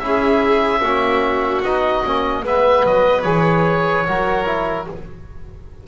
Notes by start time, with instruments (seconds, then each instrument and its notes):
0.00 double bass C#4, trombone E4, violin G#4, oboe E5
0.82 double bass A#3, trombone C#4, violin F#4
1.63 double bass B3, trombone D#4, oboe D#5
2.05 double bass A#3, trombone C#4
2.43 double bass G#3, trombone B3, violin B4, oboe E5
2.85 double bass F#3, oboe D#5
3.22 double bass E3, trombone G#4, oboe C#5
4.07 double bass F#3, trombone F#4, violin A#4
4.46 trombone E4